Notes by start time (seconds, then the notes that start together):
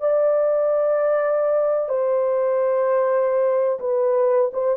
0.00 D5
1.89 C5
3.80 B4
4.53 C5